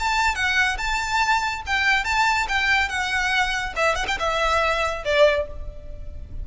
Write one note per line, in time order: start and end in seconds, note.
0.00 0.35 A5
0.35 0.78 F#5
0.78 1.62 A5
1.67 2.05 G5
2.05 2.47 A5
2.49 2.89 G5
2.89 3.73 F#5
3.76 3.95 E5
3.95 4.06 F#5
4.08 4.18 G5
4.19 5.04 E5
5.05 5.47 D5